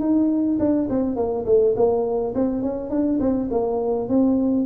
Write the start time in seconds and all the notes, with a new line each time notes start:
0.00 D#4
0.59 D4
0.89 C4
1.16 A#3
1.45 A3
1.76 A#3
2.35 C4
2.62 C#4
2.90 D4
3.20 C4
3.51 A#3
4.09 C4